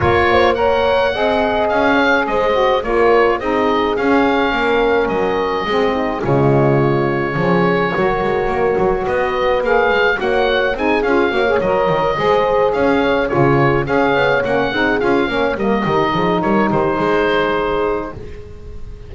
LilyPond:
<<
  \new Staff \with { instrumentName = "oboe" } { \time 4/4 \tempo 4 = 106 cis''4 fis''2 f''4 | dis''4 cis''4 dis''4 f''4~ | f''4 dis''2 cis''4~ | cis''1 |
dis''4 f''4 fis''4 gis''8 f''8~ | f''8 dis''2 f''4 cis''8~ | cis''8 f''4 fis''4 f''4 dis''8~ | dis''4 cis''8 c''2~ c''8 | }
  \new Staff \with { instrumentName = "horn" } { \time 4/4 ais'8 c''8 cis''4 dis''4. cis''8 | c''4 ais'4 gis'2 | ais'2 gis'8 dis'8 f'4~ | f'4 gis'4 ais'2 |
b'2 cis''4 gis'4 | cis''4. c''4 cis''4 gis'8~ | gis'8 cis''4. gis'4 cis''8 ais'8 | g'8 gis'8 ais'8 g'8 gis'2 | }
  \new Staff \with { instrumentName = "saxophone" } { \time 4/4 f'4 ais'4 gis'2~ | gis'8 fis'8 f'4 dis'4 cis'4~ | cis'2 c'4 gis4~ | gis4 cis'4 fis'2~ |
fis'4 gis'4 fis'4 dis'8 f'8 | fis'16 gis'16 ais'4 gis'2 f'8~ | f'8 gis'4 cis'8 dis'8 f'8 cis'8 ais8 | dis'1 | }
  \new Staff \with { instrumentName = "double bass" } { \time 4/4 ais2 c'4 cis'4 | gis4 ais4 c'4 cis'4 | ais4 fis4 gis4 cis4~ | cis4 f4 fis8 gis8 ais8 fis8 |
b4 ais8 gis8 ais4 c'8 cis'8 | ais8 fis8 dis8 gis4 cis'4 cis8~ | cis8 cis'8 b8 ais8 c'8 cis'8 ais8 g8 | dis8 f8 g8 dis8 gis2 | }
>>